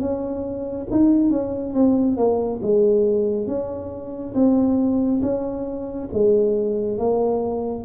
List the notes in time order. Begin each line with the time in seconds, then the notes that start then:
0.00 C#4
0.91 D#4
1.30 C#4
1.74 C4
2.17 A#3
2.62 G#3
3.47 C#4
4.34 C4
5.22 C#4
6.13 G#3
6.98 A#3